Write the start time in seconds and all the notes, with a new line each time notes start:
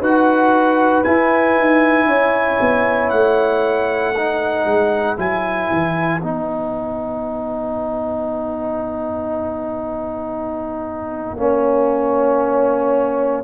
0.00 D#4 F#4 B4 F#5
1.04 E4 G#5
1.57 D#4
2.05 C#4 C#5
2.60 B3
3.10 A3 F#5
4.15 D#4 B4
4.65 G#3
5.17 F#3 E4 G#5
5.70 E3
6.20 B3 D#4 F#5
11.37 A#3 C#4 C#5